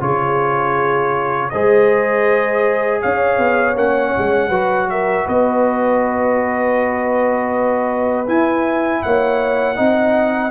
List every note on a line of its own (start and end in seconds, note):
0.00 1.51 C#3
0.00 1.50 F4
0.00 1.53 G#4
0.00 1.50 C#5
1.50 3.04 G#3
1.50 3.76 G#4
1.50 3.01 C5
1.50 3.00 D#5
3.01 3.38 C#4
3.01 4.48 C#5
3.01 3.77 F5
3.38 3.75 B3
3.75 4.12 A#3
3.75 4.51 C#4
3.75 4.90 F#5
4.17 4.49 G#3
4.48 5.24 F#3
4.48 8.26 F#4
4.48 4.86 B4
4.90 5.25 A#4
4.90 5.27 E5
5.25 8.28 B3
5.25 9.00 B4
5.25 8.28 D#5
8.28 9.75 E4
8.28 9.03 E4
8.28 9.03 G#5
9.03 9.78 A#3
9.03 9.76 C#5
9.03 10.51 F#5
9.75 10.51 C4
9.75 10.50 D#4
9.75 10.51 D#5